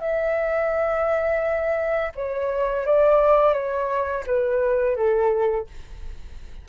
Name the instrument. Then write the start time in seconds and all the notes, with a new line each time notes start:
flute
0.00 E5
2.15 C#5
2.85 D5
3.53 C#5
4.26 B4
4.96 A4